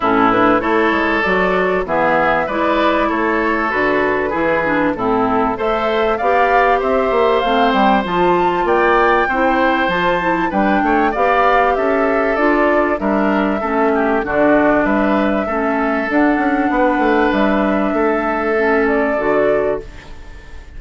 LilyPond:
<<
  \new Staff \with { instrumentName = "flute" } { \time 4/4 \tempo 4 = 97 a'8 b'8 cis''4 d''4 e''4 | d''4 cis''4 b'2 | a'4 e''4 f''4 e''4 | f''8 g''8 a''4 g''2 |
a''4 g''4 f''4 e''4 | d''4 e''2 d''4 | e''2 fis''2 | e''2~ e''8 d''4. | }
  \new Staff \with { instrumentName = "oboe" } { \time 4/4 e'4 a'2 gis'4 | b'4 a'2 gis'4 | e'4 c''4 d''4 c''4~ | c''2 d''4 c''4~ |
c''4 b'8 cis''8 d''4 a'4~ | a'4 ais'4 a'8 g'8 fis'4 | b'4 a'2 b'4~ | b'4 a'2. | }
  \new Staff \with { instrumentName = "clarinet" } { \time 4/4 cis'8 d'8 e'4 fis'4 b4 | e'2 fis'4 e'8 d'8 | c'4 a'4 g'2 | c'4 f'2 e'4 |
f'8 e'8 d'4 g'2 | f'4 d'4 cis'4 d'4~ | d'4 cis'4 d'2~ | d'2 cis'4 fis'4 | }
  \new Staff \with { instrumentName = "bassoon" } { \time 4/4 a,4 a8 gis8 fis4 e4 | gis4 a4 d4 e4 | a,4 a4 b4 c'8 ais8 | a8 g8 f4 ais4 c'4 |
f4 g8 a8 b4 cis'4 | d'4 g4 a4 d4 | g4 a4 d'8 cis'8 b8 a8 | g4 a2 d4 | }
>>